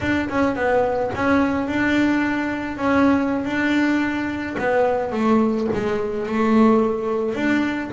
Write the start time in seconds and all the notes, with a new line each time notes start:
0.01 D4
0.29 C#4
0.55 B3
1.15 C#4
1.67 D4
2.77 C#4
3.44 D4
4.58 B3
5.12 A3
5.73 G#3
6.26 A3
7.34 D4